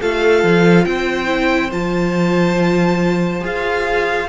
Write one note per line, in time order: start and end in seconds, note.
0.00 0.43 A3
0.00 1.26 F4
0.00 0.86 A4
0.00 0.85 F5
0.43 0.85 F3
0.85 1.71 C4
0.85 4.28 C5
0.85 1.71 G5
1.26 1.69 E4
1.72 3.43 F3
1.72 3.40 F4
1.72 3.44 A5
3.40 4.28 F4
3.40 4.26 G#4
3.40 4.28 F5